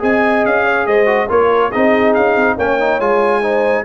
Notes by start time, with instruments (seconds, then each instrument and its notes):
0.00 tuba C4, trombone G#4, horn D#5, trumpet G#5
0.45 tuba C#4, trumpet F5
0.66 horn C#5
0.87 tuba G#3, horn C5, trumpet D#5
1.06 trombone F#4
1.29 tuba A#3, trombone F4, horn A#4, trumpet C#5
1.71 tuba C4, trombone D#4, horn G#4, trumpet D#5
2.15 tuba C#4, trumpet F5
2.36 tuba C4
2.57 tuba A#3, trombone C#4, horn C#5, trumpet G5
2.80 trombone D#4
3.00 tuba G#3, trombone F4, trumpet G#5
3.43 trombone D#4, horn C5